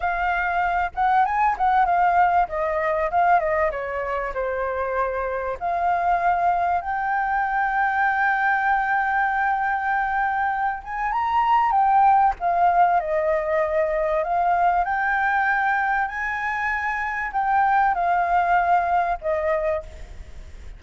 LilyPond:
\new Staff \with { instrumentName = "flute" } { \time 4/4 \tempo 4 = 97 f''4. fis''8 gis''8 fis''8 f''4 | dis''4 f''8 dis''8 cis''4 c''4~ | c''4 f''2 g''4~ | g''1~ |
g''4. gis''8 ais''4 g''4 | f''4 dis''2 f''4 | g''2 gis''2 | g''4 f''2 dis''4 | }